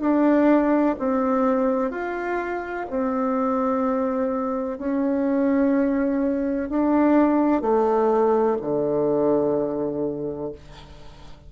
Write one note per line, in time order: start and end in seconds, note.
0.00 0.95 D4
0.99 1.90 C4
1.90 2.86 F4
2.90 4.78 C4
4.78 6.69 C#4
6.69 7.61 D4
7.61 8.57 A3
8.61 10.52 D3